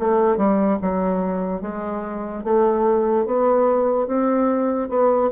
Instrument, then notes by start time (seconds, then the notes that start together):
bassoon
0.00 A3
0.37 G3
0.83 F#3
1.62 G#3
2.44 A3
3.26 B3
4.07 C4
4.89 B3